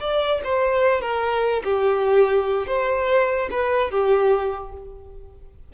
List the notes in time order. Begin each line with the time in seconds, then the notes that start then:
0.00 D5
0.44 C5
1.01 A#4
1.64 G4
2.67 C5
3.51 B4
3.91 G4